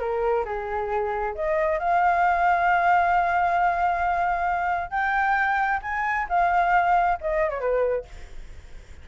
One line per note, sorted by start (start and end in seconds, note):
0.00 0.45 A#4
0.45 1.35 G#4
1.35 1.79 D#5
1.79 4.91 F5
4.91 5.80 G5
5.82 6.27 G#5
6.29 7.18 F5
7.21 7.50 D#5
7.50 7.60 C#5
7.60 8.05 B4